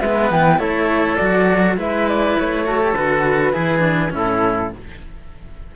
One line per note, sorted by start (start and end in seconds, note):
0.00 0.31 G#3
0.00 0.58 B3
0.00 0.59 B4
0.00 0.29 E5
0.31 0.59 E3
0.31 0.59 G5
0.58 1.18 A3
0.58 1.17 E4
0.58 1.77 A4
0.58 1.15 C#5
1.15 1.77 F#3
1.15 1.77 F#4
1.15 1.74 D5
1.77 2.36 G#3
1.77 2.65 E4
1.77 2.65 B4
1.77 2.07 E5
2.07 2.37 D5
2.38 2.94 A3
2.38 2.95 C#5
2.65 2.80 F#4
2.65 3.53 A4
2.80 2.94 G4
2.94 3.53 D3
2.94 3.53 F#4
2.94 4.12 B4
3.53 4.12 E3
3.53 3.79 E4
3.53 4.11 G#4
3.79 4.09 D4
4.10 4.71 A2
4.10 4.69 C#4
4.10 4.73 E4
4.16 4.75 A4